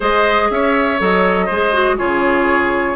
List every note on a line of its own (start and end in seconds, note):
0.00 0.50 G#3
0.00 0.96 G#4
0.00 0.48 C5
0.00 0.51 D#5
0.50 1.00 C#4
0.50 1.46 C#5
0.50 1.00 E5
0.99 1.50 F#3
0.99 1.49 A4
0.99 1.97 D#5
1.46 1.99 G#3
1.46 1.72 G#4
1.46 1.95 C5
1.72 1.97 F#4
1.97 2.95 C#3
1.97 2.95 F4
1.97 2.95 G#4
1.97 2.95 C#5